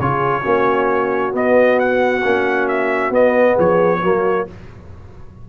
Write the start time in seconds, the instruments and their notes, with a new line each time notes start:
0.00 tuba C#3, trombone F4, horn G#4, trumpet C#5
0.42 tuba A#3, trombone C#4, horn F#4
1.32 trombone B3, tuba B3, trumpet D#5
1.80 trumpet F#5
2.25 tuba A#3, trombone C#4
2.68 trumpet E5
3.11 tuba B3, trombone B3, trumpet D#5
3.55 tuba F3, horn G#4, trumpet C#5
4.03 tuba F#3, trombone A#3, horn F#4